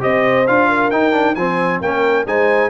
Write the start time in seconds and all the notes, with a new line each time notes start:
0.00 C4 G4 C5 D#5
0.47 D4 F4 F5
0.69 A#4
0.91 D#4 G5
1.12 D4
1.35 F3 C4 C5 G#5
1.81 A#3 C#4 A#4 G5
2.26 G#3 D#4 C5 G#5